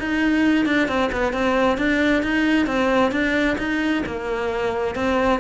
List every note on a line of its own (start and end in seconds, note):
0.00 0.66 D#4
0.66 0.88 D4
0.88 1.11 C4
1.13 1.33 B3
1.33 1.78 C4
1.78 2.23 D4
2.23 2.67 D#4
2.67 3.12 C4
3.12 3.57 D4
3.59 4.04 D#4
4.06 4.96 A#3
4.96 5.41 C4